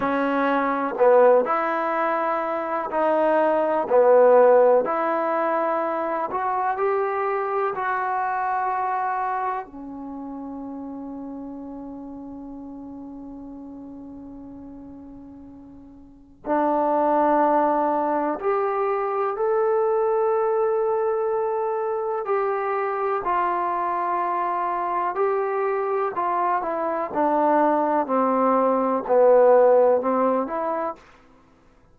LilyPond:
\new Staff \with { instrumentName = "trombone" } { \time 4/4 \tempo 4 = 62 cis'4 b8 e'4. dis'4 | b4 e'4. fis'8 g'4 | fis'2 cis'2~ | cis'1~ |
cis'4 d'2 g'4 | a'2. g'4 | f'2 g'4 f'8 e'8 | d'4 c'4 b4 c'8 e'8 | }